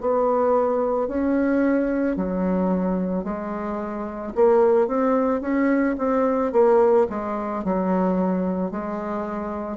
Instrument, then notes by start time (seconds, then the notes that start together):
bassoon
0.00 B3
1.08 C#4
2.16 F#3
3.23 G#3
4.34 A#3
4.87 C4
5.40 C#4
5.98 C4
6.52 A#3
7.09 G#3
7.64 F#3
8.70 G#3